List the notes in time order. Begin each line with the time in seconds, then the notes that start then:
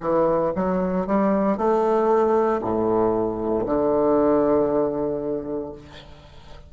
0.00 E3
0.55 F#3
1.06 G3
1.57 A3
2.61 A2
3.65 D3